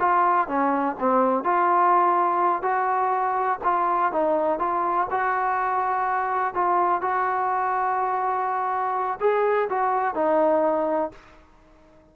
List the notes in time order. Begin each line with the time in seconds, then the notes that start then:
0.00 F4
0.48 C#4
0.99 C4
1.44 F4
2.63 F#4
3.64 F4
4.12 D#4
4.59 F4
5.11 F#4
6.54 F4
7.02 F#4
9.20 G#4
9.69 F#4
10.15 D#4